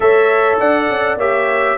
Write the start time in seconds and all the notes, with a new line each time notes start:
0.00 A3 A4 C#5 E5
0.59 D4 D5 F#5
0.88 C#4
1.16 A#3 G4 C#5 E5